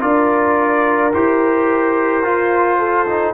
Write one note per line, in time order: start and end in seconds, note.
0.00 1.13 D4
0.00 1.11 F4
0.00 2.79 A#4
0.00 1.12 D5
1.13 2.23 E4
1.13 2.23 G4
1.13 3.34 C5
2.23 3.34 F4
2.23 3.06 F4
2.79 3.34 A4
3.07 3.34 D#4